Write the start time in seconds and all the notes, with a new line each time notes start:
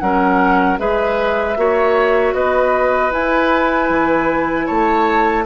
0.00 F#3 C#4 A#4 F#5
0.79 G#3 G#4 B4 E5
1.57 A#3 F#4 C#5
2.34 B3 B4 D#5
3.11 E4 G#5
3.90 E3
4.67 A3 C#5 A5